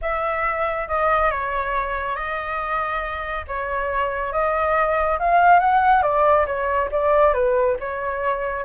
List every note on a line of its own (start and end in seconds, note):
0.01 0.88 E5
0.88 1.30 D#5
1.30 2.15 C#5
2.15 3.45 D#5
3.47 4.32 C#5
4.32 5.18 D#5
5.19 5.59 F5
5.59 6.02 F#5
6.02 6.45 D5
6.46 6.89 C#5
6.91 7.33 D5
7.33 7.76 B4
7.79 8.64 C#5